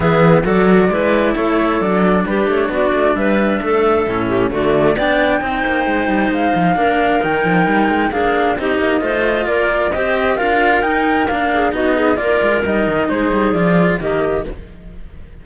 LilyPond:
<<
  \new Staff \with { instrumentName = "flute" } { \time 4/4 \tempo 4 = 133 e''4 d''2 cis''4 | d''4 b'8 cis''8 d''4 e''4~ | e''2 d''4 g''4~ | g''2 f''2 |
g''2 f''4 dis''4~ | dis''4 d''4 dis''4 f''4 | g''4 f''4 dis''4 d''4 | dis''4 c''4 d''4 dis''4 | }
  \new Staff \with { instrumentName = "clarinet" } { \time 4/4 gis'4 a'4 b'4 a'4~ | a'4 g'4 fis'4 b'4 | a'4. g'8 fis'4 d''4 | c''2. ais'4~ |
ais'2 gis'4 g'4 | c''4 ais'4 c''4 ais'4~ | ais'4. gis'8 fis'8 gis'8 ais'4~ | ais'4 gis'2 g'4 | }
  \new Staff \with { instrumentName = "cello" } { \time 4/4 b4 fis'4 e'2 | d'1~ | d'4 cis'4 a4 d'4 | dis'2. d'4 |
dis'2 d'4 dis'4 | f'2 g'4 f'4 | dis'4 d'4 dis'4 f'4 | dis'2 f'4 ais4 | }
  \new Staff \with { instrumentName = "cello" } { \time 4/4 e4 fis4 gis4 a4 | fis4 g8 a8 b8 a8 g4 | a4 a,4 d4 b4 | c'8 ais8 gis8 g8 gis8 f8 ais4 |
dis8 f8 g8 gis8 ais4 c'8 ais8 | a4 ais4 c'4 d'4 | dis'4 ais4 b4 ais8 gis8 | g8 dis8 gis8 g8 f4 dis4 | }
>>